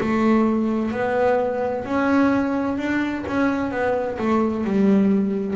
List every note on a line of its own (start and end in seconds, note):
0.00 0.91 A3
0.91 1.85 B3
1.85 2.78 C#4
2.78 3.25 D4
3.27 3.71 C#4
3.71 4.18 B3
4.18 4.64 A3
4.64 5.56 G3